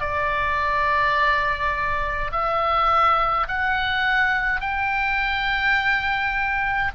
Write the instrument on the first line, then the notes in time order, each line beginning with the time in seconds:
oboe
0.00 D5
2.32 E5
3.48 F#5
4.61 G5